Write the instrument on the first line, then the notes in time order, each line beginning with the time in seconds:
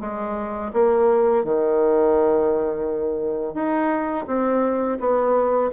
bassoon
0.00 G#3
0.73 A#3
1.44 D#3
3.54 D#4
4.27 C4
4.99 B3